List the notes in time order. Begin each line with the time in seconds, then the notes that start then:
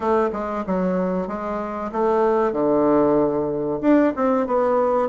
0.00 A3
0.32 G#3
0.66 F#3
1.27 G#3
1.92 A3
2.52 D3
3.81 D4
4.16 C4
4.46 B3